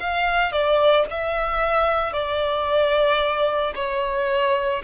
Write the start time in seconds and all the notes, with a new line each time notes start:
0.00 F5
0.52 D5
1.11 E5
2.13 D5
3.75 C#5